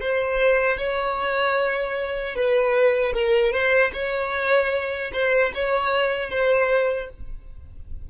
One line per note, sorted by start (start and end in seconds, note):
0.00 0.77 C5
0.77 2.35 C#5
2.35 3.13 B4
3.13 3.52 A#4
3.52 3.92 C5
3.93 5.11 C#5
5.12 5.52 C5
5.54 6.30 C#5
6.30 7.09 C5